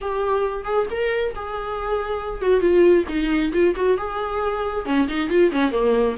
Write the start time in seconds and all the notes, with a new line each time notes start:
0.01 G4
0.64 G#4
0.90 A#4
1.35 G#4
2.41 F#4
2.60 F4
3.08 D#4
3.52 F4
3.75 F#4
3.97 G#4
4.85 C#4
5.07 D#4
5.29 F4
5.51 C#4
5.71 A#3